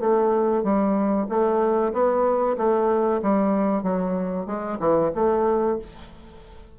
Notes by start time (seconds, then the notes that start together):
0.00 A3
0.64 G3
1.29 A3
1.93 B3
2.57 A3
3.23 G3
3.83 F#3
4.47 G#3
4.80 E3
5.15 A3